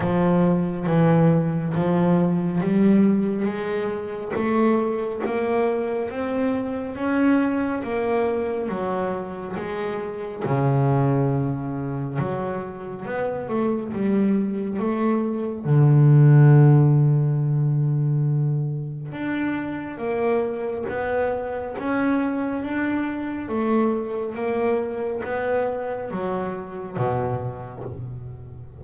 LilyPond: \new Staff \with { instrumentName = "double bass" } { \time 4/4 \tempo 4 = 69 f4 e4 f4 g4 | gis4 a4 ais4 c'4 | cis'4 ais4 fis4 gis4 | cis2 fis4 b8 a8 |
g4 a4 d2~ | d2 d'4 ais4 | b4 cis'4 d'4 a4 | ais4 b4 fis4 b,4 | }